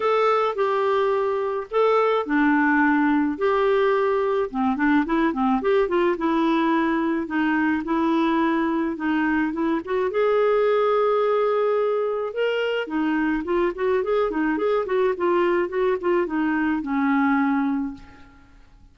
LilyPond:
\new Staff \with { instrumentName = "clarinet" } { \time 4/4 \tempo 4 = 107 a'4 g'2 a'4 | d'2 g'2 | c'8 d'8 e'8 c'8 g'8 f'8 e'4~ | e'4 dis'4 e'2 |
dis'4 e'8 fis'8 gis'2~ | gis'2 ais'4 dis'4 | f'8 fis'8 gis'8 dis'8 gis'8 fis'8 f'4 | fis'8 f'8 dis'4 cis'2 | }